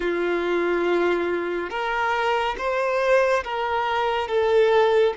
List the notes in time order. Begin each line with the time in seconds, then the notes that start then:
0.00 F4
1.69 A#4
2.58 C5
3.44 A#4
4.27 A4